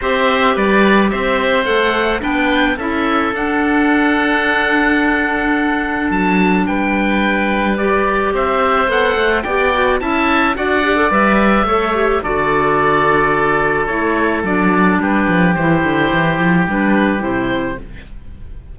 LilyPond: <<
  \new Staff \with { instrumentName = "oboe" } { \time 4/4 \tempo 4 = 108 e''4 d''4 e''4 fis''4 | g''4 e''4 fis''2~ | fis''2. a''4 | g''2 d''4 e''4 |
fis''4 g''4 a''4 fis''4 | e''2 d''2~ | d''4 cis''4 d''4 b'4 | c''2 b'4 c''4 | }
  \new Staff \with { instrumentName = "oboe" } { \time 4/4 c''4 b'4 c''2 | b'4 a'2.~ | a'1 | b'2. c''4~ |
c''4 d''4 e''4 d''4~ | d''4 cis''4 a'2~ | a'2. g'4~ | g'1 | }
  \new Staff \with { instrumentName = "clarinet" } { \time 4/4 g'2. a'4 | d'4 e'4 d'2~ | d'1~ | d'2 g'2 |
a'4 g'8 fis'8 e'4 fis'8 g'16 a'16 | b'4 a'8 g'8 fis'2~ | fis'4 e'4 d'2 | e'2 d'4 e'4 | }
  \new Staff \with { instrumentName = "cello" } { \time 4/4 c'4 g4 c'4 a4 | b4 cis'4 d'2~ | d'2. fis4 | g2. c'4 |
b8 a8 b4 cis'4 d'4 | g4 a4 d2~ | d4 a4 fis4 g8 f8 | e8 d8 e8 f8 g4 c4 | }
>>